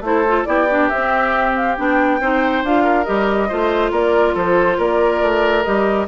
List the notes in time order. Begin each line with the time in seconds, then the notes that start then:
0.00 A3 E4 A4 C5
0.27 F4
0.44 B3 E4 G4 D5
0.70 D4
0.88 C4 E5
1.55 F5
1.76 B3 D4 G5
2.20 C4 D#4 C5
2.63 D4 F4 F5
2.83 A#4
3.04 G3 G4 D#5
3.48 A3 F4 C5
3.91 A#3 A#4 D5
4.34 F3 A4 C5
4.77 A#3 A#4 D5
5.21 A3
5.63 G3 G4 D#5